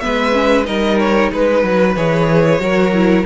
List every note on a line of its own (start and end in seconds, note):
0.00 0.68 G#3
0.00 0.33 B3
0.00 0.67 B4
0.00 0.65 E5
0.33 0.65 C#4
0.65 1.33 G3
0.65 1.94 D#4
0.65 1.32 A#4
0.65 0.99 D#5
1.00 1.32 C#5
1.32 1.64 G#3
1.32 2.61 B4
1.32 1.97 B4
1.64 1.96 F#3
1.97 2.60 E3
1.97 2.61 G#4
1.97 3.26 C#5
2.60 3.25 F#3
2.60 2.93 F#4
2.60 3.26 A#4
2.94 3.26 E4